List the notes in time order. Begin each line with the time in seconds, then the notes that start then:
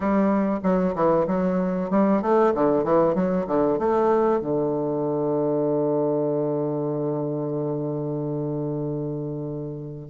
0.00 G3
0.63 F#3
0.95 E3
1.27 F#3
1.90 G3
2.21 A3
2.54 D3
2.83 E3
3.14 F#3
3.47 D3
3.78 A3
4.40 D3